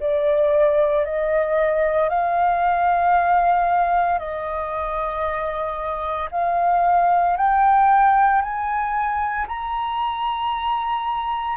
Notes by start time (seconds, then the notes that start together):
0.00 D5
1.05 D#5
2.10 F5
4.19 D#5
6.32 F5
7.37 G5
8.42 G#5
9.48 A#5